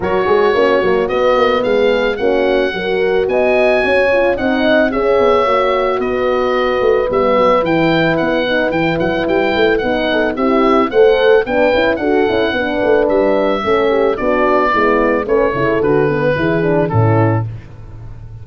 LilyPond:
<<
  \new Staff \with { instrumentName = "oboe" } { \time 4/4 \tempo 4 = 110 cis''2 dis''4 f''4 | fis''2 gis''2 | fis''4 e''2 dis''4~ | dis''4 e''4 g''4 fis''4 |
g''8 fis''8 g''4 fis''4 e''4 | fis''4 g''4 fis''2 | e''2 d''2 | cis''4 b'2 a'4 | }
  \new Staff \with { instrumentName = "horn" } { \time 4/4 ais'8 gis'8 fis'2 gis'4 | fis'4 ais'4 dis''4 cis''4 | dis''4 cis''2 b'4~ | b'1~ |
b'2~ b'8 a'8 g'4 | c''4 b'4 a'4 b'4~ | b'4 a'8 g'8 fis'4 e'4 | b'8 a'4. gis'4 e'4 | }
  \new Staff \with { instrumentName = "horn" } { \time 4/4 fis'4 cis'8 ais8 b2 | cis'4 fis'2~ fis'8 f'8 | dis'4 gis'4 fis'2~ | fis'4 b4 e'4. dis'8 |
e'2 dis'4 e'4 | a'4 d'8 e'8 fis'8 e'8 d'4~ | d'4 cis'4 d'4 b4 | cis'8 e'8 fis'8 b8 e'8 d'8 cis'4 | }
  \new Staff \with { instrumentName = "tuba" } { \time 4/4 fis8 gis8 ais8 fis8 b8 ais8 gis4 | ais4 fis4 b4 cis'4 | c'4 cis'8 b8 ais4 b4~ | b8 a8 g8 fis8 e4 b4 |
e8 fis8 g8 a8 b4 c'4 | a4 b8 cis'8 d'8 cis'8 b8 a8 | g4 a4 b4 gis4 | a8 cis8 d4 e4 a,4 | }
>>